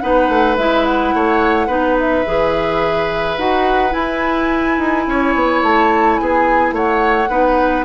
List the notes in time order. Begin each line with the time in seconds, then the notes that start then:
0.00 B3 D#4 B4 F#5
0.29 A3
0.57 G#3 E4 E5
0.85 F#5
1.14 A3 C#5
1.67 B3 D#4 B4
2.00 E5
2.26 E3 G#4
3.37 D#4 F#4 F#5
3.90 E4 G#5
4.78 D#4
5.07 C#4 C#5
5.35 B3
5.63 A3 A5
6.17 B3 G#4 G#5
6.72 A3 C#5 F#5
7.29 B3 D#4 B4